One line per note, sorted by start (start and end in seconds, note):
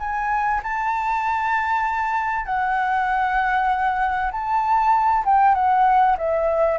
0.00 0.62 G#5
0.63 2.46 A5
2.46 4.31 F#5
4.32 5.25 A5
5.25 5.55 G5
5.55 6.17 F#5
6.18 6.79 E5